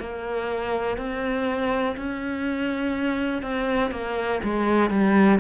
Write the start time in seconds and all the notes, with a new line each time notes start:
0.00 A#3
0.98 C4
1.97 C#4
3.42 C4
3.91 A#3
4.44 G#3
4.91 G3